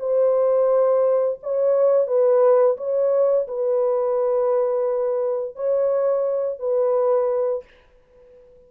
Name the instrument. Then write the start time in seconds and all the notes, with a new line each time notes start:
horn
0.00 C5
1.43 C#5
2.07 B4
2.77 C#5
3.48 B4
5.56 C#5
6.60 B4